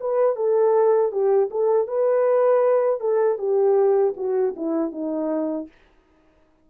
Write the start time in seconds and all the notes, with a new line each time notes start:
0.00 B4
0.36 A4
1.12 G4
1.51 A4
1.87 B4
3.00 A4
3.38 G4
4.16 F#4
4.56 E4
4.92 D#4